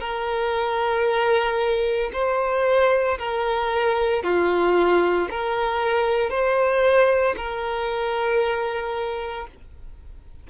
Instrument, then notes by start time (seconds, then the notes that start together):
violin
0.00 A#4
2.13 C5
3.18 A#4
4.23 F4
5.30 A#4
6.30 C5
7.37 A#4